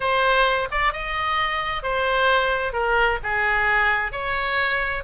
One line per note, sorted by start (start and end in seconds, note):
0.00 0.68 C5
0.71 0.92 D5
0.92 1.82 D#5
1.82 2.73 C5
2.73 3.18 A#4
3.23 4.12 G#4
4.12 5.03 C#5